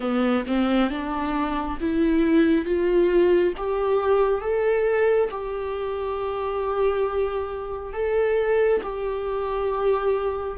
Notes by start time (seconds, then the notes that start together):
0.00 B3
0.47 C4
0.89 D4
1.80 E4
2.65 F4
3.57 G4
4.41 A4
5.30 G4
7.93 A4
8.82 G4